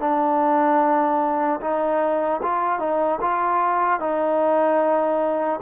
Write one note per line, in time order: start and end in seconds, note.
0.00 1.60 D4
1.61 2.41 D#4
2.43 2.79 F4
2.79 3.19 D#4
3.21 4.00 F4
4.00 5.60 D#4